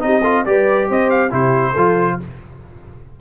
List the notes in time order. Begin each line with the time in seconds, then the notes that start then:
0.00 C4 D#4 G4 D#5
0.22 F4 A4
0.45 G3 G4 B4 D5
0.89 C4 C5 D#5
1.10 F5
1.30 C3 E4 G4 C5
1.72 F3 F4 A4